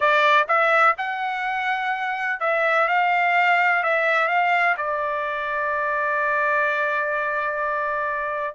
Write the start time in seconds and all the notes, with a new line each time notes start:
0.00 D5
0.48 E5
0.97 F#5
2.40 E5
2.88 F5
3.83 E5
4.28 F5
4.77 D5